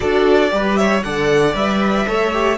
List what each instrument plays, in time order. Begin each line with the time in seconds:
0.00 cello D4, viola F#4, violin A4 D5
0.50 cello G3, viola G4, violin B4
0.76 violin C#5 E5
1.02 cello D3, viola A4, violin D5 F#5
1.53 cello G3, viola B4, violin E5
2.07 cello A3, viola A4, violin C#5
2.32 viola G4